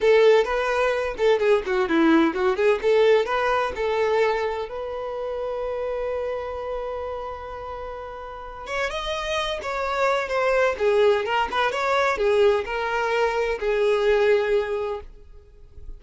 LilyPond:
\new Staff \with { instrumentName = "violin" } { \time 4/4 \tempo 4 = 128 a'4 b'4. a'8 gis'8 fis'8 | e'4 fis'8 gis'8 a'4 b'4 | a'2 b'2~ | b'1~ |
b'2~ b'8 cis''8 dis''4~ | dis''8 cis''4. c''4 gis'4 | ais'8 b'8 cis''4 gis'4 ais'4~ | ais'4 gis'2. | }